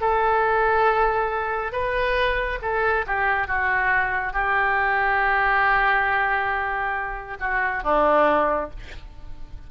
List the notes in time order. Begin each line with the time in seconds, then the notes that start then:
0.00 A4
1.72 B4
2.61 A4
3.06 G4
3.47 F#4
4.33 G4
7.39 F#4
7.83 D4